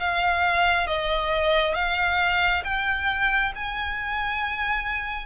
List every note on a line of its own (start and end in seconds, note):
0.00 0.87 F5
0.87 1.75 D#5
1.75 2.63 F5
2.64 3.53 G5
3.56 5.26 G#5